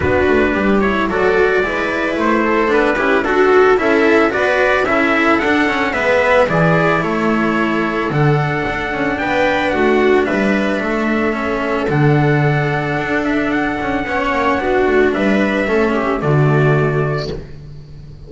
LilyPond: <<
  \new Staff \with { instrumentName = "trumpet" } { \time 4/4 \tempo 4 = 111 b'4. cis''8 d''2 | c''4 b'4 a'4 e''4 | d''4 e''4 fis''4 e''4 | d''4 cis''2 fis''4~ |
fis''4 g''4 fis''4 e''4~ | e''2 fis''2~ | fis''8 e''8 fis''2. | e''2 d''2 | }
  \new Staff \with { instrumentName = "viola" } { \time 4/4 fis'4 g'4 a'4 b'4~ | b'8 a'4 g'8 fis'4 a'4 | b'4 a'2 b'4 | gis'4 a'2.~ |
a'4 b'4 fis'4 b'4 | a'1~ | a'2 cis''4 fis'4 | b'4 a'8 g'8 fis'2 | }
  \new Staff \with { instrumentName = "cello" } { \time 4/4 d'4. e'8 fis'4 e'4~ | e'4 d'8 e'8 fis'4 e'4 | fis'4 e'4 d'8 cis'8 b4 | e'2. d'4~ |
d'1~ | d'4 cis'4 d'2~ | d'2 cis'4 d'4~ | d'4 cis'4 a2 | }
  \new Staff \with { instrumentName = "double bass" } { \time 4/4 b8 a8 g4 fis4 gis4 | a4 b8 cis'8 d'4 cis'4 | b4 cis'4 d'4 gis4 | e4 a2 d4 |
d'8 cis'8 b4 a4 g4 | a2 d2 | d'4. cis'8 b8 ais8 b8 a8 | g4 a4 d2 | }
>>